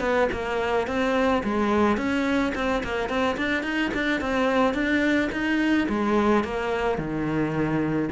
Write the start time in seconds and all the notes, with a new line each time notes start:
0.00 B3
0.32 A#3
0.87 C4
1.43 G#3
1.97 C#4
2.55 C4
2.84 A#3
3.09 C4
3.37 D4
3.63 D#4
3.94 D4
4.21 C4
4.74 D4
5.32 D#4
5.89 G#3
6.44 A#3
6.98 D#3